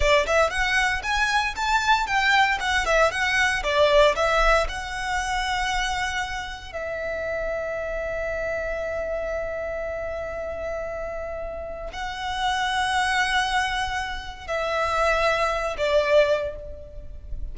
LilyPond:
\new Staff \with { instrumentName = "violin" } { \time 4/4 \tempo 4 = 116 d''8 e''8 fis''4 gis''4 a''4 | g''4 fis''8 e''8 fis''4 d''4 | e''4 fis''2.~ | fis''4 e''2.~ |
e''1~ | e''2. fis''4~ | fis''1 | e''2~ e''8 d''4. | }